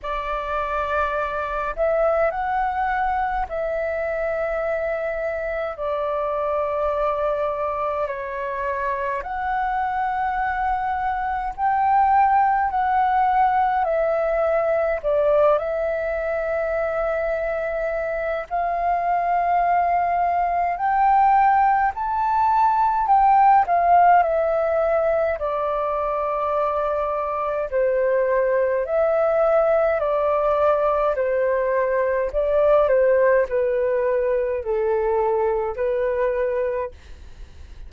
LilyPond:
\new Staff \with { instrumentName = "flute" } { \time 4/4 \tempo 4 = 52 d''4. e''8 fis''4 e''4~ | e''4 d''2 cis''4 | fis''2 g''4 fis''4 | e''4 d''8 e''2~ e''8 |
f''2 g''4 a''4 | g''8 f''8 e''4 d''2 | c''4 e''4 d''4 c''4 | d''8 c''8 b'4 a'4 b'4 | }